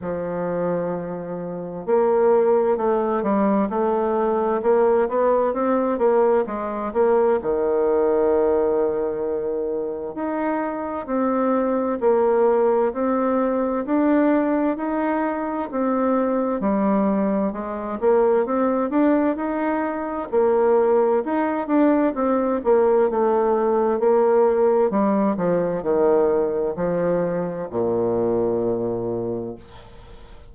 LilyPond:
\new Staff \with { instrumentName = "bassoon" } { \time 4/4 \tempo 4 = 65 f2 ais4 a8 g8 | a4 ais8 b8 c'8 ais8 gis8 ais8 | dis2. dis'4 | c'4 ais4 c'4 d'4 |
dis'4 c'4 g4 gis8 ais8 | c'8 d'8 dis'4 ais4 dis'8 d'8 | c'8 ais8 a4 ais4 g8 f8 | dis4 f4 ais,2 | }